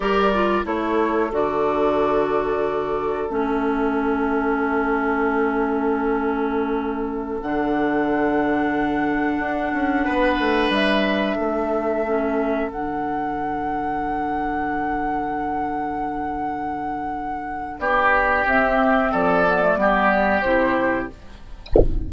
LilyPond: <<
  \new Staff \with { instrumentName = "flute" } { \time 4/4 \tempo 4 = 91 d''4 cis''4 d''2~ | d''4 e''2.~ | e''2.~ e''16 fis''8.~ | fis''1~ |
fis''16 e''2. fis''8.~ | fis''1~ | fis''2. d''4 | e''4 d''2 c''4 | }
  \new Staff \with { instrumentName = "oboe" } { \time 4/4 ais'4 a'2.~ | a'1~ | a'1~ | a'2.~ a'16 b'8.~ |
b'4~ b'16 a'2~ a'8.~ | a'1~ | a'2. g'4~ | g'4 a'4 g'2 | }
  \new Staff \with { instrumentName = "clarinet" } { \time 4/4 g'8 f'8 e'4 fis'2~ | fis'4 cis'2.~ | cis'2.~ cis'16 d'8.~ | d'1~ |
d'2~ d'16 cis'4 d'8.~ | d'1~ | d'1 | c'4. b16 a16 b4 e'4 | }
  \new Staff \with { instrumentName = "bassoon" } { \time 4/4 g4 a4 d2~ | d4 a2.~ | a2.~ a16 d8.~ | d2~ d16 d'8 cis'8 b8 a16~ |
a16 g4 a2 d8.~ | d1~ | d2. b4 | c'4 f4 g4 c4 | }
>>